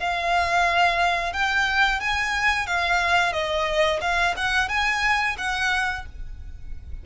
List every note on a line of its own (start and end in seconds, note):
0.00 1.33 F5
1.33 2.00 G5
2.00 2.67 G#5
2.67 3.33 F5
3.33 4.01 D#5
4.01 4.35 F5
4.37 4.69 F#5
4.69 5.36 G#5
5.38 6.06 F#5